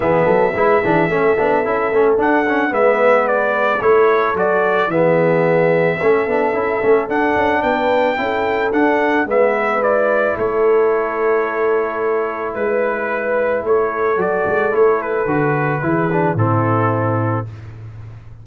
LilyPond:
<<
  \new Staff \with { instrumentName = "trumpet" } { \time 4/4 \tempo 4 = 110 e''1 | fis''4 e''4 d''4 cis''4 | d''4 e''2.~ | e''4 fis''4 g''2 |
fis''4 e''4 d''4 cis''4~ | cis''2. b'4~ | b'4 cis''4 d''4 cis''8 b'8~ | b'2 a'2 | }
  \new Staff \with { instrumentName = "horn" } { \time 4/4 gis'8 a'8 b'8 gis'8 a'2~ | a'4 b'2 a'4~ | a'4 gis'2 a'4~ | a'2 b'4 a'4~ |
a'4 b'2 a'4~ | a'2. b'4~ | b'4 a'2.~ | a'4 gis'4 e'2 | }
  \new Staff \with { instrumentName = "trombone" } { \time 4/4 b4 e'8 d'8 cis'8 d'8 e'8 cis'8 | d'8 cis'8 b2 e'4 | fis'4 b2 cis'8 d'8 | e'8 cis'8 d'2 e'4 |
d'4 b4 e'2~ | e'1~ | e'2 fis'4 e'4 | fis'4 e'8 d'8 c'2 | }
  \new Staff \with { instrumentName = "tuba" } { \time 4/4 e8 fis8 gis8 e8 a8 b8 cis'8 a8 | d'4 gis2 a4 | fis4 e2 a8 b8 | cis'8 a8 d'8 cis'8 b4 cis'4 |
d'4 gis2 a4~ | a2. gis4~ | gis4 a4 fis8 gis8 a4 | d4 e4 a,2 | }
>>